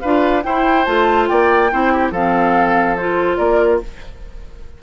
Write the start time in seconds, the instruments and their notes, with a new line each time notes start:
0.00 bassoon D4, clarinet F4, oboe B4, flute F5
0.42 clarinet E4, bassoon E4, oboe C5, flute G5
0.85 bassoon A3, clarinet F4, flute A5
1.28 bassoon A#3, oboe D5, flute G5
1.71 bassoon C4, clarinet E4, oboe C5
1.92 oboe G4
2.11 bassoon F3, clarinet C4, oboe A4, flute F5
2.97 clarinet F4, flute C5
3.37 bassoon A#3, oboe A#4, flute D5